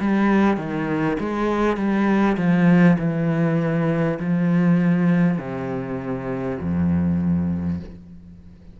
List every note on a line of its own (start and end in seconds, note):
0.00 0.57 G3
0.57 1.17 D#3
1.19 1.77 G#3
1.77 2.37 G3
2.37 2.97 F3
2.99 4.19 E3
4.19 5.38 F3
5.38 6.58 C3
6.60 7.80 F2